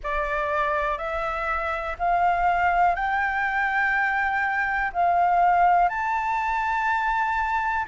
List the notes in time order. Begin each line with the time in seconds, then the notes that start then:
0.03 D5
0.98 E5
1.99 F5
2.95 G5
4.92 F5
5.88 A5